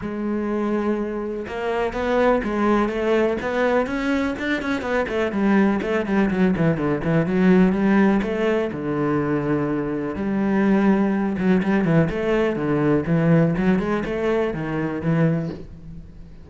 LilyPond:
\new Staff \with { instrumentName = "cello" } { \time 4/4 \tempo 4 = 124 gis2. ais4 | b4 gis4 a4 b4 | cis'4 d'8 cis'8 b8 a8 g4 | a8 g8 fis8 e8 d8 e8 fis4 |
g4 a4 d2~ | d4 g2~ g8 fis8 | g8 e8 a4 d4 e4 | fis8 gis8 a4 dis4 e4 | }